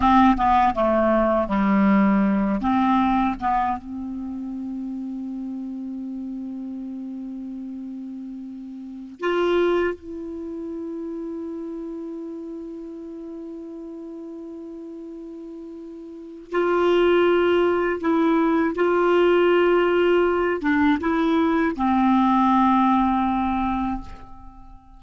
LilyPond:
\new Staff \with { instrumentName = "clarinet" } { \time 4/4 \tempo 4 = 80 c'8 b8 a4 g4. c'8~ | c'8 b8 c'2.~ | c'1~ | c'16 f'4 e'2~ e'8.~ |
e'1~ | e'2 f'2 | e'4 f'2~ f'8 d'8 | e'4 c'2. | }